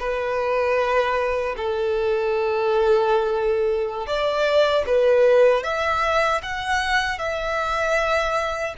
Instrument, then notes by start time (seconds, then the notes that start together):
violin
0.00 B4
1.57 A4
4.07 D5
4.87 B4
5.64 E5
6.43 F#5
7.19 E5